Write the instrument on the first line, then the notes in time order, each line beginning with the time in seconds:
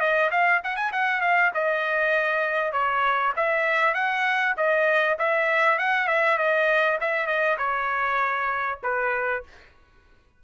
trumpet
0.00 D#5
0.31 F5
0.64 F#5
0.76 G#5
0.92 F#5
1.21 F5
1.55 D#5
2.73 C#5
3.36 E5
3.94 F#5
4.57 D#5
5.19 E5
5.79 F#5
6.08 E5
6.38 D#5
7.01 E5
7.27 D#5
7.58 C#5
8.83 B4